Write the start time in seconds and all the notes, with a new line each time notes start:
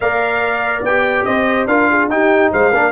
0.00 A#3 A#4 D5 F5
0.82 B3 G4 G5
1.25 C4 C5 D#5
1.65 D4 F4 A#4 F5
1.90 G#4
2.07 D#4 G4 G5
2.51 G#3 C5 F5
2.71 A#3 D4 A#4